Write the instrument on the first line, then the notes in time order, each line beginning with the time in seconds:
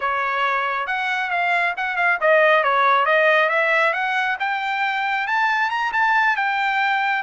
trumpet
0.00 C#5
0.87 F#5
1.30 F5
1.77 F#5
1.96 F5
2.20 D#5
2.63 C#5
3.05 D#5
3.49 E5
3.93 F#5
4.39 G5
5.27 A5
5.70 A#5
5.92 A5
6.36 G5